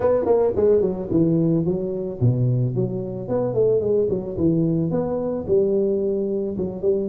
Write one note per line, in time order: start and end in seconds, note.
0.00 0.25 B3
0.25 0.52 A#3
0.56 0.81 G#3
0.81 1.08 F#3
1.10 1.65 E3
1.65 2.19 F#3
2.20 2.75 B2
2.75 3.28 F#3
3.28 3.54 B3
3.54 3.80 A3
3.80 4.07 G#3
4.09 4.36 F#3
4.37 4.90 E3
4.90 5.45 B3
5.47 6.56 G3
6.57 6.82 F#3
6.82 7.09 G3